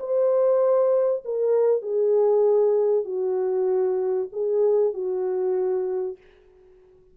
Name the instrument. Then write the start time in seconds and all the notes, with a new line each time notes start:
horn
0.00 C5
1.25 A#4
1.82 G#4
3.05 F#4
4.33 G#4
4.94 F#4